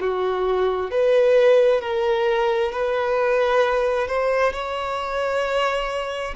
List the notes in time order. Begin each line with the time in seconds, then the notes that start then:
0.00 F#4
0.90 B4
1.81 A#4
2.71 B4
4.07 C5
4.52 C#5